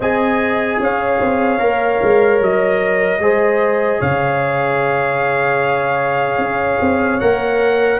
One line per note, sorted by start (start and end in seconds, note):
0.00 0.79 C4
0.00 1.59 G#4
0.00 0.80 D#5
0.00 0.81 G#5
0.79 1.19 C#4
0.79 3.22 C#5
0.79 2.42 F5
1.20 1.59 C4
1.59 1.99 A#3
1.59 3.19 A#4
2.02 2.41 G#3
2.41 3.19 F#3
2.41 4.01 D#5
3.19 3.99 G#3
3.19 7.20 G#4
3.19 3.99 C5
3.99 6.38 C#3
3.99 7.99 C#5
3.99 7.20 F5
6.38 6.78 C#4
6.81 7.21 C4
7.20 8.00 A#3
7.20 8.00 A#4
7.20 8.00 F#5